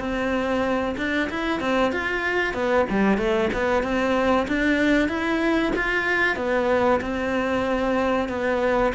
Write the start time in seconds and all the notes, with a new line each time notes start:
0.00 C4
0.98 D4
1.30 E4
1.60 C4
1.93 F4
2.54 B3
2.90 G3
3.18 A3
3.53 B3
3.83 C4
4.48 D4
5.09 E4
5.76 F4
6.37 B3
7.01 C4
8.29 B3